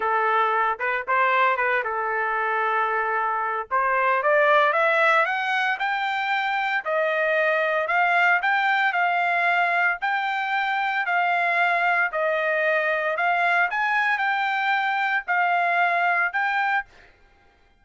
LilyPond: \new Staff \with { instrumentName = "trumpet" } { \time 4/4 \tempo 4 = 114 a'4. b'8 c''4 b'8 a'8~ | a'2. c''4 | d''4 e''4 fis''4 g''4~ | g''4 dis''2 f''4 |
g''4 f''2 g''4~ | g''4 f''2 dis''4~ | dis''4 f''4 gis''4 g''4~ | g''4 f''2 g''4 | }